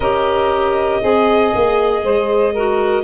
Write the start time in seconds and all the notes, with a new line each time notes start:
0.00 C#4 G4 A#4 D#5
1.00 C4 G#4
1.54 A#3
2.03 G#3 C5
2.53 F#4 A#4